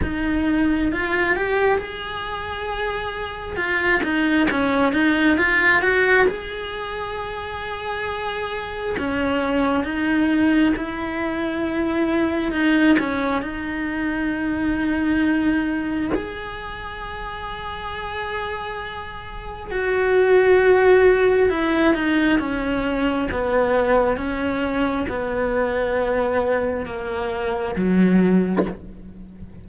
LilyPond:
\new Staff \with { instrumentName = "cello" } { \time 4/4 \tempo 4 = 67 dis'4 f'8 g'8 gis'2 | f'8 dis'8 cis'8 dis'8 f'8 fis'8 gis'4~ | gis'2 cis'4 dis'4 | e'2 dis'8 cis'8 dis'4~ |
dis'2 gis'2~ | gis'2 fis'2 | e'8 dis'8 cis'4 b4 cis'4 | b2 ais4 fis4 | }